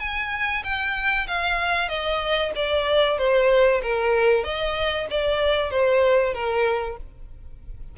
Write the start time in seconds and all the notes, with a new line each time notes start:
0.00 G#5
0.64 G5
1.28 F5
1.89 D#5
2.56 D5
3.19 C5
3.83 A#4
4.44 D#5
5.10 D5
5.71 C5
6.34 A#4